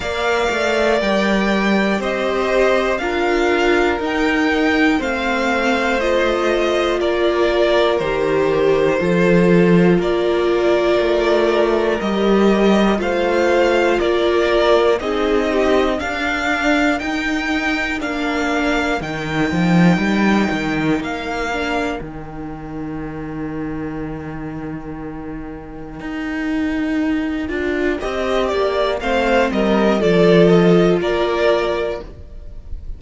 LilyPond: <<
  \new Staff \with { instrumentName = "violin" } { \time 4/4 \tempo 4 = 60 f''4 g''4 dis''4 f''4 | g''4 f''4 dis''4 d''4 | c''2 d''2 | dis''4 f''4 d''4 dis''4 |
f''4 g''4 f''4 g''4~ | g''4 f''4 g''2~ | g''1~ | g''4 f''8 dis''8 d''8 dis''8 d''4 | }
  \new Staff \with { instrumentName = "violin" } { \time 4/4 d''2 c''4 ais'4~ | ais'4 c''2 ais'4~ | ais'4 a'4 ais'2~ | ais'4 c''4 ais'4 gis'8 g'8 |
ais'1~ | ais'1~ | ais'1 | dis''8 d''8 c''8 ais'8 a'4 ais'4 | }
  \new Staff \with { instrumentName = "viola" } { \time 4/4 ais'2 g'4 f'4 | dis'4 c'4 f'2 | g'4 f'2. | g'4 f'2 dis'4 |
d'4 dis'4 d'4 dis'4~ | dis'4. d'8 dis'2~ | dis'2.~ dis'8 f'8 | g'4 c'4 f'2 | }
  \new Staff \with { instrumentName = "cello" } { \time 4/4 ais8 a8 g4 c'4 d'4 | dis'4 a2 ais4 | dis4 f4 ais4 a4 | g4 a4 ais4 c'4 |
d'4 dis'4 ais4 dis8 f8 | g8 dis8 ais4 dis2~ | dis2 dis'4. d'8 | c'8 ais8 a8 g8 f4 ais4 | }
>>